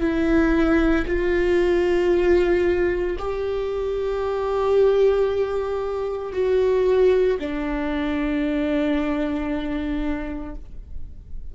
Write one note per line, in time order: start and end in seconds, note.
0.00 1.05 E4
1.06 3.17 F4
3.18 6.33 G4
6.33 7.38 F#4
7.39 10.55 D4